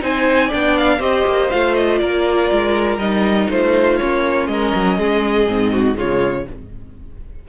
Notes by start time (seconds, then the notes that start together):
0.00 C4 D#4 C5 G#5
0.48 B3 D4 D5 G5
0.78 F5
1.00 C4 G4 C5 D#5
1.27 A#3
1.51 A3 F4 F5
1.75 D#5
1.99 A#3 A#4 D5
2.52 G#3
2.98 G3 D#4 D#5
3.51 A3 F4 C5
3.98 A#3 C#4 C#5
4.48 G#3 A#4 D#5
4.75 F#3
4.98 G#3 G#4
5.47 G#2 C4
5.73 F#4
5.95 C#3 G#3 F4 C#5